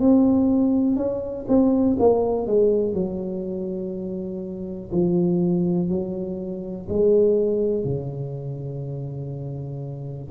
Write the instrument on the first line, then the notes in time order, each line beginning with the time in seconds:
tuba
0.00 C4
0.97 C#4
1.48 C4
1.99 A#3
2.47 G#3
2.94 F#3
4.92 F3
5.89 F#3
6.89 G#3
7.85 C#3